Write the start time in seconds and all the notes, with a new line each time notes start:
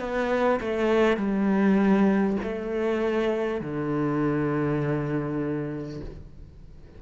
0.00 B3
0.61 A3
1.17 G3
2.43 A3
3.61 D3